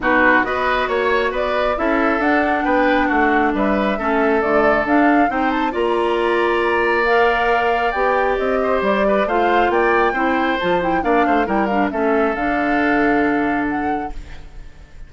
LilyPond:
<<
  \new Staff \with { instrumentName = "flute" } { \time 4/4 \tempo 4 = 136 b'4 dis''4 cis''4 d''4 | e''4 fis''4 g''4 fis''4 | e''2 d''4 f''4 | g''8 a''8 ais''2. |
f''2 g''4 dis''4 | d''4 f''4 g''2 | a''8 g''8 f''4 g''8 f''8 e''4 | f''2. fis''4 | }
  \new Staff \with { instrumentName = "oboe" } { \time 4/4 fis'4 b'4 cis''4 b'4 | a'2 b'4 fis'4 | b'4 a'2. | c''4 d''2.~ |
d''2.~ d''8 c''8~ | c''8 b'8 c''4 d''4 c''4~ | c''4 d''8 c''8 ais'4 a'4~ | a'1 | }
  \new Staff \with { instrumentName = "clarinet" } { \time 4/4 dis'4 fis'2. | e'4 d'2.~ | d'4 cis'4 a4 d'4 | dis'4 f'2. |
ais'2 g'2~ | g'4 f'2 e'4 | f'8 e'8 d'4 e'8 d'8 cis'4 | d'1 | }
  \new Staff \with { instrumentName = "bassoon" } { \time 4/4 b,4 b4 ais4 b4 | cis'4 d'4 b4 a4 | g4 a4 d4 d'4 | c'4 ais2.~ |
ais2 b4 c'4 | g4 a4 ais4 c'4 | f4 ais8 a8 g4 a4 | d1 | }
>>